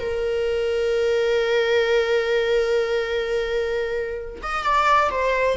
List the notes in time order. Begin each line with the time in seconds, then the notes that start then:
0.00 A#4
4.43 D#5
4.63 D5
5.11 C5